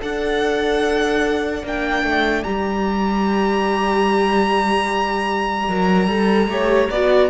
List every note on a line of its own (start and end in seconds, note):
0.00 1.63 D4
0.00 1.62 A4
0.00 6.50 D5
0.00 1.64 F#5
1.63 2.03 A#3
1.63 2.45 D4
1.63 2.43 G5
2.03 2.43 A3
2.43 5.67 G3
2.43 5.68 G4
2.43 7.30 A#5
5.67 6.07 F#3
5.67 6.08 A#4
6.07 6.47 G3
6.07 6.49 A4
6.47 6.88 A3
6.47 6.89 G4
6.47 6.90 C#5
6.90 7.30 B3
6.90 7.30 F#4
6.90 7.30 D5